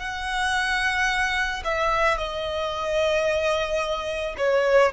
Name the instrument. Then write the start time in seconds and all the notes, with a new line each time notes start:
violin
0.00 F#5
1.65 E5
2.18 D#5
4.38 C#5